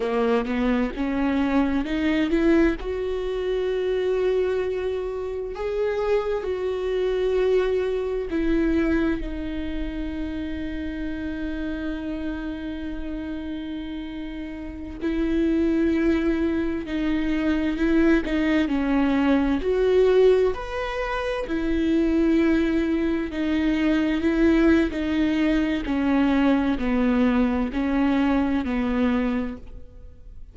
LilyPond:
\new Staff \with { instrumentName = "viola" } { \time 4/4 \tempo 4 = 65 ais8 b8 cis'4 dis'8 e'8 fis'4~ | fis'2 gis'4 fis'4~ | fis'4 e'4 dis'2~ | dis'1~ |
dis'16 e'2 dis'4 e'8 dis'16~ | dis'16 cis'4 fis'4 b'4 e'8.~ | e'4~ e'16 dis'4 e'8. dis'4 | cis'4 b4 cis'4 b4 | }